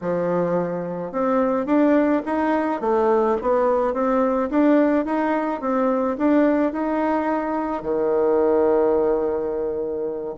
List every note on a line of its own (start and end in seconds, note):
0.01 1.12 F3
1.12 1.66 C4
1.66 2.22 D4
2.25 2.80 D#4
2.80 3.36 A3
3.41 3.93 B3
3.93 4.49 C4
4.50 5.05 D4
5.05 5.60 D#4
5.60 6.16 C4
6.18 6.72 D4
6.72 7.82 D#4
7.82 10.34 D#3